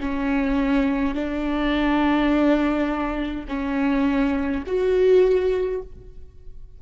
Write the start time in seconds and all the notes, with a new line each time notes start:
0.00 C#4
1.15 D4
3.48 C#4
4.67 F#4